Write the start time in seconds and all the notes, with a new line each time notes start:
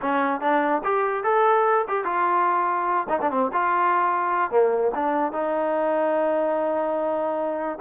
0.01 C#4
0.41 D4
0.83 G4
1.23 A4
1.88 G4
2.04 F4
3.09 D#4
3.21 D4
3.30 C4
3.52 F4
4.50 A#3
4.94 D4
5.32 D#4